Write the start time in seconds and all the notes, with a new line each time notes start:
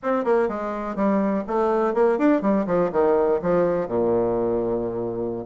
0.02 C4
0.24 A#3
0.48 G#3
0.95 G3
1.47 A3
1.94 A#3
2.18 D4
2.41 G3
2.66 F3
2.92 D#3
3.41 F3
3.87 A#2